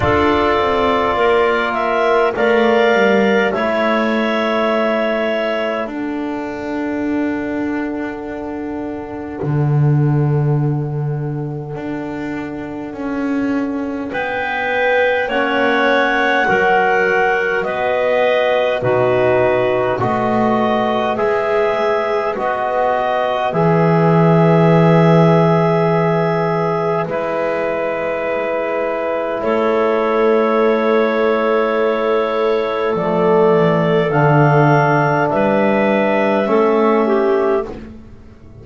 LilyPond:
<<
  \new Staff \with { instrumentName = "clarinet" } { \time 4/4 \tempo 4 = 51 d''4. e''8 f''4 e''4~ | e''4 fis''2.~ | fis''1 | g''4 fis''2 dis''4 |
b'4 dis''4 e''4 dis''4 | e''2. b'4~ | b'4 cis''2. | d''4 f''4 e''2 | }
  \new Staff \with { instrumentName = "clarinet" } { \time 4/4 a'4 ais'4 d''4 cis''4~ | cis''4 a'2.~ | a'1 | b'4 cis''4 ais'4 b'4 |
fis'4 b'2.~ | b'1~ | b'4 a'2.~ | a'2 b'4 a'8 g'8 | }
  \new Staff \with { instrumentName = "trombone" } { \time 4/4 f'2 ais'4 e'4~ | e'4 d'2.~ | d'1~ | d'4 cis'4 fis'2 |
dis'4 fis'4 gis'4 fis'4 | gis'2. e'4~ | e'1 | a4 d'2 cis'4 | }
  \new Staff \with { instrumentName = "double bass" } { \time 4/4 d'8 c'8 ais4 a8 g8 a4~ | a4 d'2. | d2 d'4 cis'4 | b4 ais4 fis4 b4 |
b,4 a4 gis4 b4 | e2. gis4~ | gis4 a2. | f8 e8 d4 g4 a4 | }
>>